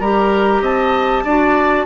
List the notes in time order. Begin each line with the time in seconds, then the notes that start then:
0.00 G3 G4 A#4 A#5
0.61 C4 D#5 A5
1.24 D4 F#4 D5